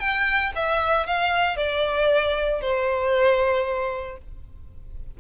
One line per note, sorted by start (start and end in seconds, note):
0.00 0.52 G5
0.56 1.07 E5
1.07 1.57 F5
1.57 2.61 D5
2.61 4.18 C5